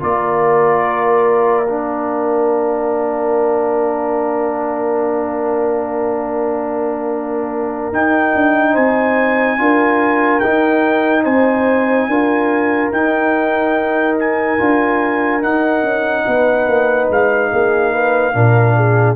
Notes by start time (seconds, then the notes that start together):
0.00 A#3 F4 A#4 D5
1.68 D4 F5
7.92 D#4 G5
8.35 D4
8.73 C4 C5 G#5
9.58 D4 F4 A#4
10.40 D#4 G5
11.24 C4 C5 G#5
12.08 D4 F4 A#4
12.92 D#4 G5
14.20 G#5
14.58 D4 F4
15.41 D#4 F#5
15.83 C#4
16.27 B3 B4
16.67 A#3
17.09 G#3 F5
17.52 A#3 G#4
17.93 B4
18.33 A#2 D4 A#4
18.76 G#4